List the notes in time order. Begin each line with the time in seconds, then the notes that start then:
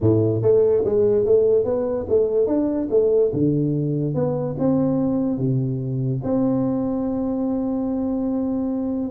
0.01 A2
0.42 A3
0.84 G#3
1.25 A3
1.64 B3
2.08 A3
2.46 D4
2.90 A3
3.33 D3
4.14 B3
4.58 C4
5.38 C3
6.23 C4